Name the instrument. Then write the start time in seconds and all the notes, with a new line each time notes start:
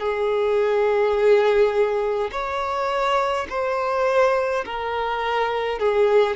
violin
0.00 G#4
2.32 C#5
3.50 C5
4.66 A#4
5.80 G#4